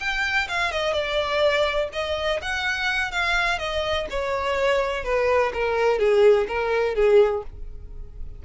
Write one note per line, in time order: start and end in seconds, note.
0.00 0.48 G5
0.49 0.72 F5
0.72 0.93 D#5
0.93 1.89 D5
1.93 2.41 D#5
2.42 3.12 F#5
3.12 3.59 F5
3.59 4.07 D#5
4.11 5.04 C#5
5.04 5.52 B4
5.54 6.00 A#4
6.00 6.48 G#4
6.48 6.95 A#4
6.95 7.43 G#4